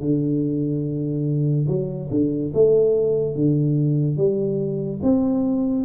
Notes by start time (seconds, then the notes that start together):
0.00 D3
1.68 F#3
2.11 D3
2.54 A3
3.35 D3
4.17 G3
5.03 C4